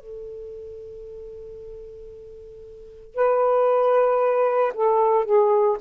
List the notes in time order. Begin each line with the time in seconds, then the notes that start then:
0.00 A4
3.15 B4
4.74 A4
5.24 G#4